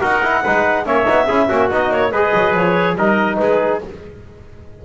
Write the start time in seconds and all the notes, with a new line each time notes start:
0.00 D#4 F#4 A#4 F#5
0.22 E4
0.43 G#3 D#4 B4
0.85 A#3 C#4 C#5 E5
1.04 B3 D#4
1.26 C#4 E4 G#4
1.48 A#3 C#4 F#4
1.70 B3 D#4 D#5
1.90 A#3 C#5
2.11 G#3 G#4 B4 D#5
2.33 F#3
2.54 F3 C#5
2.95 G3 D#4 A#4 D#5
3.37 G#3 B4
3.43 G#4